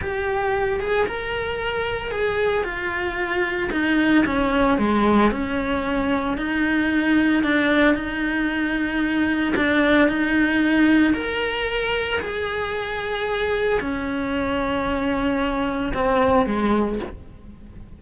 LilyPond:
\new Staff \with { instrumentName = "cello" } { \time 4/4 \tempo 4 = 113 g'4. gis'8 ais'2 | gis'4 f'2 dis'4 | cis'4 gis4 cis'2 | dis'2 d'4 dis'4~ |
dis'2 d'4 dis'4~ | dis'4 ais'2 gis'4~ | gis'2 cis'2~ | cis'2 c'4 gis4 | }